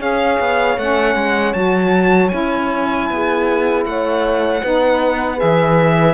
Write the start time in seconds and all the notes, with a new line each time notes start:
0.00 C#4 G#4 C#5 F5
0.40 B3
0.77 A3 C#4 F#5
1.16 G#3
1.53 F#3 F#4 A5
2.29 C#4 E4 G#5
3.10 B3 G#4
3.86 A3 C#5 F#5
4.62 B3 D#4 B4
5.37 E3 G#4 E5